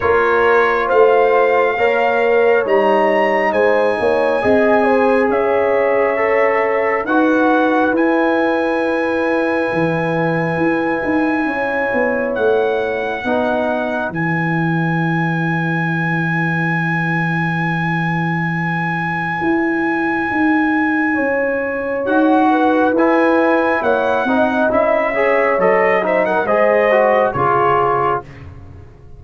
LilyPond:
<<
  \new Staff \with { instrumentName = "trumpet" } { \time 4/4 \tempo 4 = 68 cis''4 f''2 ais''4 | gis''2 e''2 | fis''4 gis''2.~ | gis''2 fis''2 |
gis''1~ | gis''1~ | gis''4 fis''4 gis''4 fis''4 | e''4 dis''8 e''16 fis''16 dis''4 cis''4 | }
  \new Staff \with { instrumentName = "horn" } { \time 4/4 ais'4 c''4 cis''2 | c''8 cis''8 dis''8 c''8 cis''2 | b'1~ | b'4 cis''2 b'4~ |
b'1~ | b'1 | cis''4. b'4. cis''8 dis''8~ | dis''8 cis''4 c''16 ais'16 c''4 gis'4 | }
  \new Staff \with { instrumentName = "trombone" } { \time 4/4 f'2 ais'4 dis'4~ | dis'4 gis'2 a'4 | fis'4 e'2.~ | e'2. dis'4 |
e'1~ | e'1~ | e'4 fis'4 e'4. dis'8 | e'8 gis'8 a'8 dis'8 gis'8 fis'8 f'4 | }
  \new Staff \with { instrumentName = "tuba" } { \time 4/4 ais4 a4 ais4 g4 | gis8 ais8 c'4 cis'2 | dis'4 e'2 e4 | e'8 dis'8 cis'8 b8 a4 b4 |
e1~ | e2 e'4 dis'4 | cis'4 dis'4 e'4 ais8 c'8 | cis'4 fis4 gis4 cis4 | }
>>